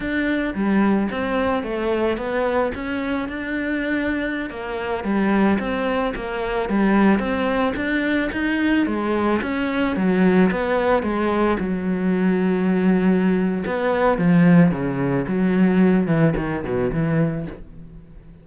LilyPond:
\new Staff \with { instrumentName = "cello" } { \time 4/4 \tempo 4 = 110 d'4 g4 c'4 a4 | b4 cis'4 d'2~ | d'16 ais4 g4 c'4 ais8.~ | ais16 g4 c'4 d'4 dis'8.~ |
dis'16 gis4 cis'4 fis4 b8.~ | b16 gis4 fis2~ fis8.~ | fis4 b4 f4 cis4 | fis4. e8 dis8 b,8 e4 | }